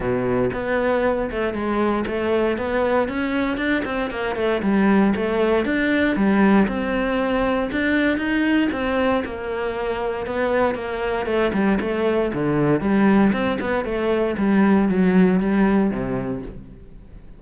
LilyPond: \new Staff \with { instrumentName = "cello" } { \time 4/4 \tempo 4 = 117 b,4 b4. a8 gis4 | a4 b4 cis'4 d'8 c'8 | ais8 a8 g4 a4 d'4 | g4 c'2 d'4 |
dis'4 c'4 ais2 | b4 ais4 a8 g8 a4 | d4 g4 c'8 b8 a4 | g4 fis4 g4 c4 | }